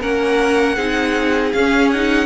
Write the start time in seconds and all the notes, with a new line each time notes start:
0.00 A#3 C#4 A#4 F#5
0.75 C4 D#4 G#4
1.52 C#4 F5
1.91 D#4 F#5